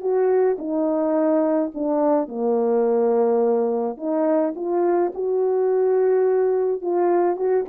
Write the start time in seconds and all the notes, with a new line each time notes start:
0.00 F#4
0.58 D#4
1.74 D4
2.28 A#3
3.97 D#4
4.55 F4
5.14 F#4
6.82 F4
7.36 F#4